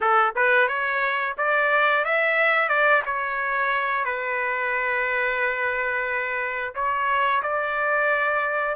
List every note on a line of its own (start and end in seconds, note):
0.00 0.34 A4
0.35 0.67 B4
0.67 1.35 C#5
1.37 2.04 D5
2.04 2.68 E5
2.68 3.02 D5
3.05 4.04 C#5
4.04 6.74 B4
6.74 7.42 C#5
7.42 8.75 D5